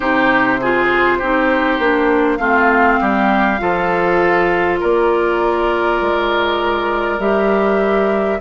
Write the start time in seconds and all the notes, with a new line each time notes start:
0.00 C3 D#4 G4 C5
0.60 F4 G#4
1.18 C4 D#4 G4
1.78 A#3 D4
2.37 A3 C4 F4 F5
3.00 G3 G4
3.58 F3 F4 A4
4.79 A#3 A#4 D5
6.01 G#3
7.18 G3 G4 E5